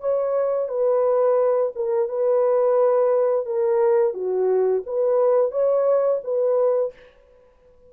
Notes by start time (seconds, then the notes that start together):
0.00 C#5
0.68 B4
1.75 A#4
2.08 B4
3.45 A#4
4.13 F#4
4.86 B4
5.51 C#5
6.24 B4